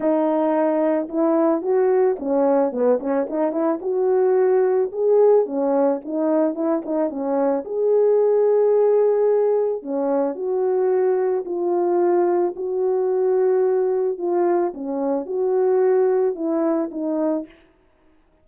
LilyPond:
\new Staff \with { instrumentName = "horn" } { \time 4/4 \tempo 4 = 110 dis'2 e'4 fis'4 | cis'4 b8 cis'8 dis'8 e'8 fis'4~ | fis'4 gis'4 cis'4 dis'4 | e'8 dis'8 cis'4 gis'2~ |
gis'2 cis'4 fis'4~ | fis'4 f'2 fis'4~ | fis'2 f'4 cis'4 | fis'2 e'4 dis'4 | }